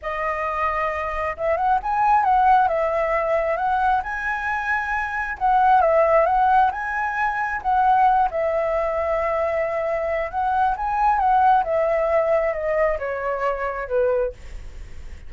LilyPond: \new Staff \with { instrumentName = "flute" } { \time 4/4 \tempo 4 = 134 dis''2. e''8 fis''8 | gis''4 fis''4 e''2 | fis''4 gis''2. | fis''4 e''4 fis''4 gis''4~ |
gis''4 fis''4. e''4.~ | e''2. fis''4 | gis''4 fis''4 e''2 | dis''4 cis''2 b'4 | }